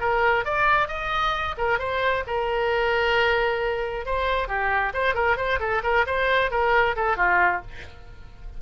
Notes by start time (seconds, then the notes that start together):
0.00 A#4
0.45 D5
0.88 D#5
1.58 A#4
1.79 C5
2.27 A#4
4.06 C5
4.48 G4
4.94 C5
5.15 A#4
5.37 C5
5.60 A4
5.83 A#4
6.07 C5
6.51 A#4
6.96 A4
7.17 F4